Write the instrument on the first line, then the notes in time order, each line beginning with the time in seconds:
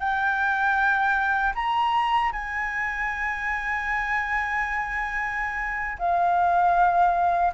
flute
0.00 G5
1.55 A#5
2.33 G#5
5.99 F5